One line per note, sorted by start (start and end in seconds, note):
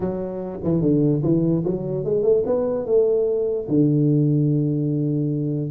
0.00 0.59 F#3
0.63 0.81 E3
0.81 1.22 D3
1.22 1.63 E3
1.64 2.04 F#3
2.04 2.22 G#3
2.22 2.43 A3
2.45 2.85 B3
2.85 3.67 A3
3.68 5.71 D3